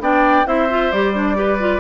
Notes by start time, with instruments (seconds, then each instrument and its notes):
0.00 bassoon B3, clarinet D4, oboe D5, flute G5
0.46 bassoon C4, clarinet E4, oboe C5, flute E5
0.70 clarinet F4
0.92 bassoon G3, clarinet G4, flute D5
1.14 clarinet D4
1.36 clarinet G4, oboe B4
1.60 clarinet F4